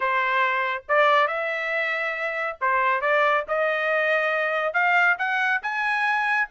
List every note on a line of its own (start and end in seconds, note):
0.00 0.83 C5
0.88 1.27 D5
1.27 2.57 E5
2.60 3.01 C5
3.01 3.44 D5
3.48 4.73 D#5
4.73 5.16 F5
5.18 5.61 F#5
5.62 6.48 G#5